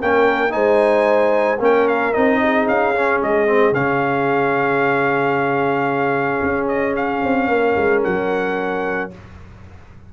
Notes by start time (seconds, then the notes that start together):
0.00 A#3 C#4 A#4 G5
0.49 G#3 D#4 C5 G#5
1.59 A#3 C#4 A#4 G5
1.88 F5
2.13 C4 D#4 D#5
2.42 G#4
2.67 C#4 F5
2.95 C#4
3.22 G#3 D#5
3.46 C4
3.71 C#3 C#4 F5
6.42 C#4
6.68 D#5
6.96 F5
7.23 C4
7.48 A#3 A#4
7.76 G#3
8.03 F#3 F#5